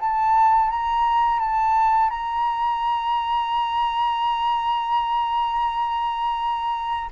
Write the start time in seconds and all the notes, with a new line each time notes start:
0.00 A5
0.70 A#5
1.40 A5
2.10 A#5